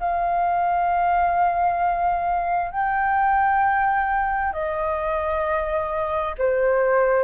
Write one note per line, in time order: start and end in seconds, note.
0.00 2.71 F5
2.71 4.53 G5
4.53 6.35 D#5
6.38 7.24 C5